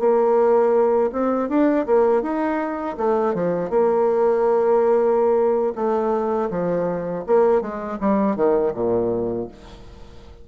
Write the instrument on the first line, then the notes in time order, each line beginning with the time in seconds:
bassoon
0.00 A#3
1.12 C4
1.49 D4
1.87 A#3
2.22 D#4
2.98 A3
3.34 F3
3.70 A#3
5.76 A3
6.51 F3
7.27 A#3
7.62 G#3
8.01 G3
8.36 D#3
8.74 A#2